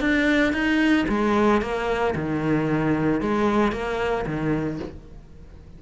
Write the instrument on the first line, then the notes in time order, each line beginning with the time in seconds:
cello
0.00 D4
0.52 D#4
1.08 G#3
1.61 A#3
2.15 D#3
3.21 G#3
3.72 A#3
4.26 D#3